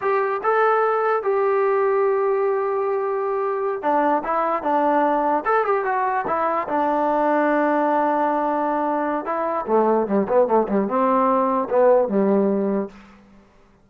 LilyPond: \new Staff \with { instrumentName = "trombone" } { \time 4/4 \tempo 4 = 149 g'4 a'2 g'4~ | g'1~ | g'4. d'4 e'4 d'8~ | d'4. a'8 g'8 fis'4 e'8~ |
e'8 d'2.~ d'8~ | d'2. e'4 | a4 g8 b8 a8 g8 c'4~ | c'4 b4 g2 | }